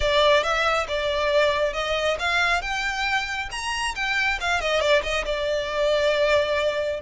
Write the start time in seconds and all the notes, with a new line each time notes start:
0.00 D5
0.43 E5
0.88 D5
1.73 D#5
2.19 F5
2.61 G5
3.51 A#5
3.95 G5
4.40 F5
4.60 D#5
4.80 D5
5.02 D#5
5.25 D5